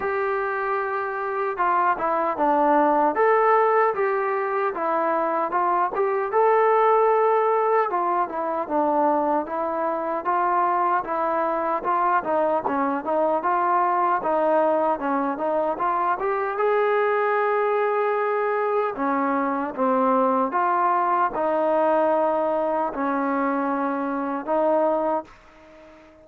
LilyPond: \new Staff \with { instrumentName = "trombone" } { \time 4/4 \tempo 4 = 76 g'2 f'8 e'8 d'4 | a'4 g'4 e'4 f'8 g'8 | a'2 f'8 e'8 d'4 | e'4 f'4 e'4 f'8 dis'8 |
cis'8 dis'8 f'4 dis'4 cis'8 dis'8 | f'8 g'8 gis'2. | cis'4 c'4 f'4 dis'4~ | dis'4 cis'2 dis'4 | }